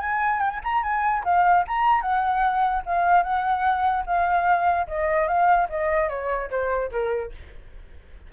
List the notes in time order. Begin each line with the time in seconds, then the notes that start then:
0.00 G#5
0.40 G5
0.50 G#5
0.64 A#5
0.83 G#5
1.24 F5
1.67 A#5
2.02 F#5
2.86 F5
3.23 F#5
4.06 F5
4.87 D#5
5.28 F5
5.69 D#5
6.09 C#5
6.50 C5
6.91 A#4